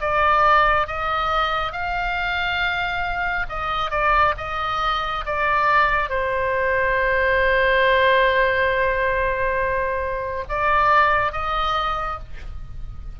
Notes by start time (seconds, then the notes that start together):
0.00 D5
0.87 D#5
1.72 F5
3.49 D#5
3.91 D5
4.38 D#5
5.26 D5
6.09 C5
10.49 D5
11.32 D#5